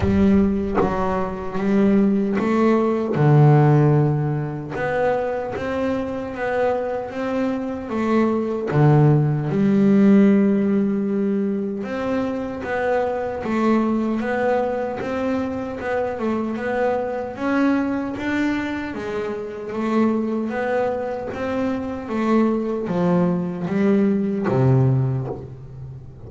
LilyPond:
\new Staff \with { instrumentName = "double bass" } { \time 4/4 \tempo 4 = 76 g4 fis4 g4 a4 | d2 b4 c'4 | b4 c'4 a4 d4 | g2. c'4 |
b4 a4 b4 c'4 | b8 a8 b4 cis'4 d'4 | gis4 a4 b4 c'4 | a4 f4 g4 c4 | }